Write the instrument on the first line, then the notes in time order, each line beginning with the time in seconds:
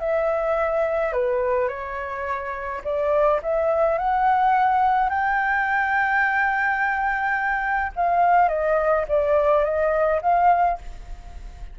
flute
0.00 E5
1.13 B4
1.69 C#5
2.85 D5
3.43 E5
3.99 F#5
5.09 G5
7.96 F5
8.49 D#5
9.08 D5
9.64 D#5
10.22 F5